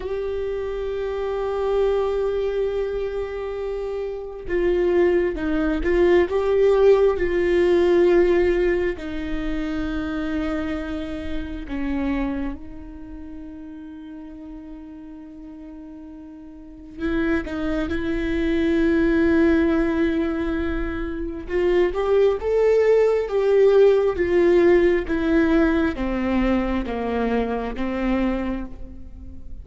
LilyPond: \new Staff \with { instrumentName = "viola" } { \time 4/4 \tempo 4 = 67 g'1~ | g'4 f'4 dis'8 f'8 g'4 | f'2 dis'2~ | dis'4 cis'4 dis'2~ |
dis'2. e'8 dis'8 | e'1 | f'8 g'8 a'4 g'4 f'4 | e'4 c'4 ais4 c'4 | }